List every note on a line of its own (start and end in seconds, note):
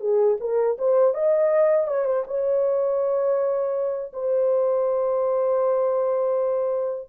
0.00 0.37 G#4
0.40 0.77 A#4
0.78 1.14 C5
1.14 1.87 D#5
1.87 2.05 C#5
2.05 2.23 C5
2.27 4.12 C#5
4.13 7.09 C5